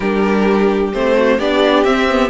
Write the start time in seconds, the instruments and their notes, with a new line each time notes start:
0.00 cello G3, viola D4, violin G4 A#4
0.92 cello A3, viola C4, violin C5
1.17 violin F#4
1.38 cello B3, viola D4, violin G4 D5
1.84 cello C4, viola C4, violin E5
2.08 viola B3